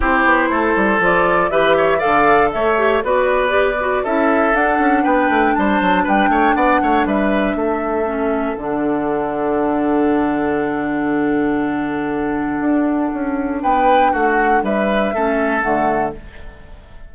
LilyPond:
<<
  \new Staff \with { instrumentName = "flute" } { \time 4/4 \tempo 4 = 119 c''2 d''4 e''4 | f''4 e''4 d''2 | e''4 fis''4 g''4 a''4 | g''4 fis''4 e''2~ |
e''4 fis''2.~ | fis''1~ | fis''2. g''4 | fis''4 e''2 fis''4 | }
  \new Staff \with { instrumentName = "oboe" } { \time 4/4 g'4 a'2 b'8 cis''8 | d''4 cis''4 b'2 | a'2 b'4 c''4 | b'8 cis''8 d''8 cis''8 b'4 a'4~ |
a'1~ | a'1~ | a'2. b'4 | fis'4 b'4 a'2 | }
  \new Staff \with { instrumentName = "clarinet" } { \time 4/4 e'2 f'4 g'4 | a'4. g'8 fis'4 g'8 fis'8 | e'4 d'2.~ | d'1 |
cis'4 d'2.~ | d'1~ | d'1~ | d'2 cis'4 a4 | }
  \new Staff \with { instrumentName = "bassoon" } { \time 4/4 c'8 b8 a8 g8 f4 e4 | d4 a4 b2 | cis'4 d'8 cis'8 b8 a8 g8 fis8 | g8 a8 b8 a8 g4 a4~ |
a4 d2.~ | d1~ | d4 d'4 cis'4 b4 | a4 g4 a4 d4 | }
>>